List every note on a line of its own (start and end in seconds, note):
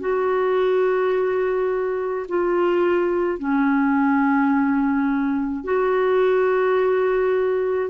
0.00 2.26 F#4
2.28 3.39 F4
3.39 5.64 C#4
5.64 7.90 F#4